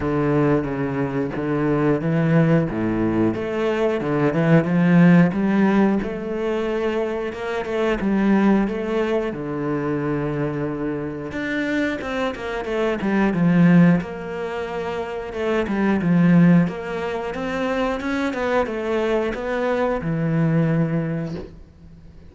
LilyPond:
\new Staff \with { instrumentName = "cello" } { \time 4/4 \tempo 4 = 90 d4 cis4 d4 e4 | a,4 a4 d8 e8 f4 | g4 a2 ais8 a8 | g4 a4 d2~ |
d4 d'4 c'8 ais8 a8 g8 | f4 ais2 a8 g8 | f4 ais4 c'4 cis'8 b8 | a4 b4 e2 | }